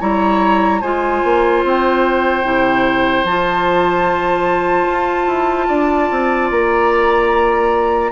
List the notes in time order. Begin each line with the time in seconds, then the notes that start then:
0.00 G3 E4 C#5 A#5
0.81 G#3 F4 C5 G#5
1.24 A#3
1.64 C4 G5
2.43 C3 E4
3.24 F3 F4 A5
4.90 F4
5.27 E4
5.68 D4 D5
6.11 C4
6.51 A#3 A#5